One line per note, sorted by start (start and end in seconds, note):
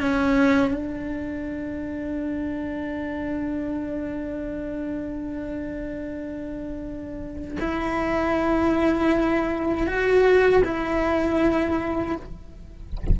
0.00 0.74 C#4
0.74 7.58 D4
7.59 9.87 E4
9.87 10.63 F#4
10.64 12.16 E4